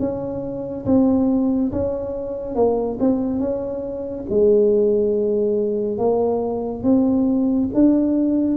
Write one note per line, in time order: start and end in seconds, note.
0.00 0.86 C#4
0.86 1.71 C4
1.72 2.55 C#4
2.55 2.98 A#3
3.00 3.40 C4
3.40 4.25 C#4
4.30 5.98 G#3
5.98 6.84 A#3
6.84 7.69 C4
7.74 8.57 D4